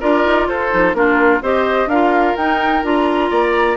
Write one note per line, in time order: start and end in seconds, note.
0.00 0.26 D4
0.00 0.70 F4
0.00 0.47 A#4
0.00 0.48 D5
0.26 0.48 D#4
0.48 0.71 F4
0.48 0.96 A4
0.48 0.94 C5
0.70 0.93 F3
0.70 0.94 D#4
0.93 1.41 A#3
0.93 1.42 D4
0.93 1.42 F4
0.93 1.41 A#4
1.41 1.86 C4
1.41 1.89 G4
1.41 1.89 C5
1.41 1.89 D#5
1.86 2.33 D4
1.86 2.39 F4
1.86 3.30 A#4
1.86 2.36 F5
2.36 2.83 D#4
2.36 2.84 G5
2.83 3.30 D4
2.83 3.77 F4
2.83 3.77 A#5
3.30 3.77 A#3
3.30 3.77 D5